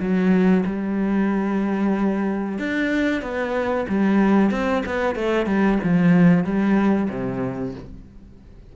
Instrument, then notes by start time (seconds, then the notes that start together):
cello
0.00 F#3
0.66 G3
2.59 D4
3.22 B3
3.89 G3
4.51 C4
4.86 B3
5.16 A3
5.47 G3
5.84 F3
6.45 G3
7.10 C3